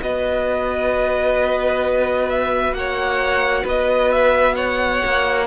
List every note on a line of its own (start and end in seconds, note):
0.00 2.72 B3
0.00 5.45 F#4
0.00 2.76 B4
0.00 2.29 D#5
2.29 2.74 E5
2.72 3.63 A#3
2.72 3.63 C#5
2.72 3.65 F#5
3.63 5.02 B3
3.63 4.54 B4
3.63 4.12 D#5
4.12 4.55 E5
4.55 5.46 C#5
4.55 5.46 F#5
5.05 5.47 A#3